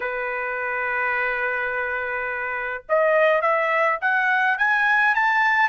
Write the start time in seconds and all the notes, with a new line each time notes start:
0.00 B4
2.88 D#5
3.41 E5
4.01 F#5
4.57 G#5
5.15 A5